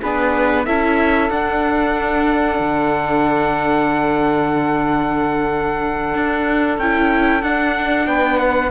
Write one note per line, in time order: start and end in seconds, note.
0.00 0.67 B3
0.00 0.67 D4
0.00 0.65 G#4
0.00 0.65 B4
0.65 1.30 C#4
0.65 1.32 E4
0.65 8.07 A4
0.65 1.30 E5
1.30 2.59 D4
1.30 6.80 D4
1.30 6.79 F#5
2.60 6.15 D3
6.15 6.78 D4
6.78 7.43 C#4
6.78 7.43 E4
6.78 7.43 G5
7.43 8.07 D4
7.43 8.71 D4
7.43 8.07 F#5
8.07 8.71 B3
8.07 8.71 B4
8.07 8.39 G5
8.39 8.71 F#5